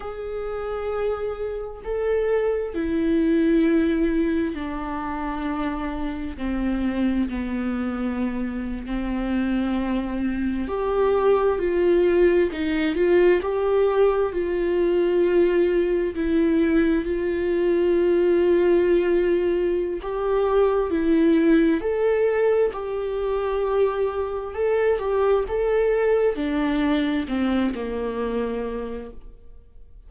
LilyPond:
\new Staff \with { instrumentName = "viola" } { \time 4/4 \tempo 4 = 66 gis'2 a'4 e'4~ | e'4 d'2 c'4 | b4.~ b16 c'2 g'16~ | g'8. f'4 dis'8 f'8 g'4 f'16~ |
f'4.~ f'16 e'4 f'4~ f'16~ | f'2 g'4 e'4 | a'4 g'2 a'8 g'8 | a'4 d'4 c'8 ais4. | }